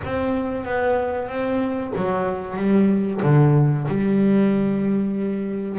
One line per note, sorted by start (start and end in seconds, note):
0.04 0.64 C4
0.64 1.28 B3
1.28 1.93 C4
1.95 2.56 F#3
2.56 3.21 G3
3.22 3.87 D3
3.87 5.79 G3